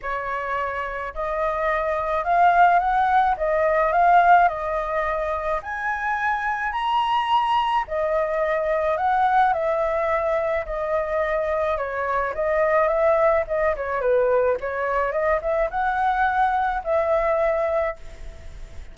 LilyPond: \new Staff \with { instrumentName = "flute" } { \time 4/4 \tempo 4 = 107 cis''2 dis''2 | f''4 fis''4 dis''4 f''4 | dis''2 gis''2 | ais''2 dis''2 |
fis''4 e''2 dis''4~ | dis''4 cis''4 dis''4 e''4 | dis''8 cis''8 b'4 cis''4 dis''8 e''8 | fis''2 e''2 | }